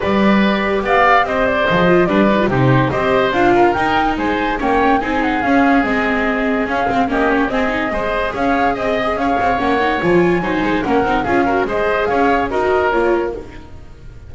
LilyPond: <<
  \new Staff \with { instrumentName = "flute" } { \time 4/4 \tempo 4 = 144 d''2 f''4 dis''8 d''8 | dis''4 d''4 c''4 dis''4 | f''4 g''4 gis''4 g''4 | gis''8 fis''8 f''4 dis''2 |
f''4 dis''8 cis''8 dis''2 | f''4 dis''4 f''4 fis''4 | gis''2 fis''4 f''4 | dis''4 f''4 dis''4 cis''4 | }
  \new Staff \with { instrumentName = "oboe" } { \time 4/4 b'2 d''4 c''4~ | c''4 b'4 g'4 c''4~ | c''8 ais'4. c''4 cis''4 | gis'1~ |
gis'4 g'4 gis'4 c''4 | cis''4 dis''4 cis''2~ | cis''4 c''4 ais'4 gis'8 ais'8 | c''4 cis''4 ais'2 | }
  \new Staff \with { instrumentName = "viola" } { \time 4/4 g'1 | gis'8 f'8 d'8 dis'16 f'16 dis'4 g'4 | f'4 dis'2 cis'4 | dis'4 cis'4 c'2 |
cis'8 c'8 cis'4 c'8 dis'8 gis'4~ | gis'2. cis'8 dis'8 | f'4 dis'4 cis'8 dis'8 f'8 fis'8 | gis'2 fis'4 f'4 | }
  \new Staff \with { instrumentName = "double bass" } { \time 4/4 g2 b4 c'4 | f4 g4 c4 c'4 | d'4 dis'4 gis4 ais4 | c'4 cis'4 gis2 |
cis'8 c'8 ais4 c'4 gis4 | cis'4 c'4 cis'8 c'8 ais4 | f4 fis8 gis8 ais8 c'8 cis'4 | gis4 cis'4 dis'4 ais4 | }
>>